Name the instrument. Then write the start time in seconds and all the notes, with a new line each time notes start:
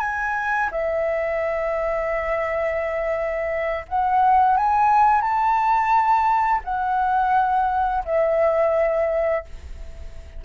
flute
0.00 G#5
0.71 E5
3.88 F#5
4.57 G#5
5.22 A5
6.64 F#5
8.05 E5